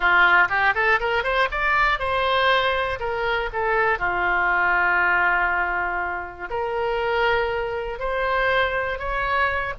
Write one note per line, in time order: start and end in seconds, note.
0.00 0.48 F4
0.49 0.74 G4
0.74 0.99 A4
1.00 1.23 A#4
1.23 1.48 C5
1.51 1.99 D5
1.99 2.99 C5
2.99 3.49 A#4
3.52 3.98 A4
3.98 6.48 F4
6.50 7.99 A#4
7.99 8.98 C5
8.98 9.73 C#5